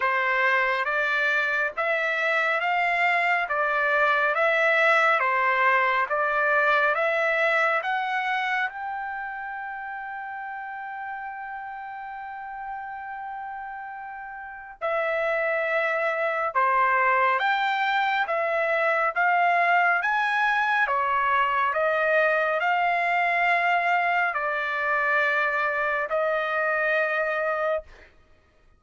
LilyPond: \new Staff \with { instrumentName = "trumpet" } { \time 4/4 \tempo 4 = 69 c''4 d''4 e''4 f''4 | d''4 e''4 c''4 d''4 | e''4 fis''4 g''2~ | g''1~ |
g''4 e''2 c''4 | g''4 e''4 f''4 gis''4 | cis''4 dis''4 f''2 | d''2 dis''2 | }